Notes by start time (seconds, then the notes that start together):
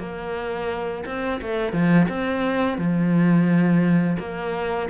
0.00 A#3
1.06 C4
1.42 A3
1.73 F3
2.09 C4
2.78 F3
4.19 A#3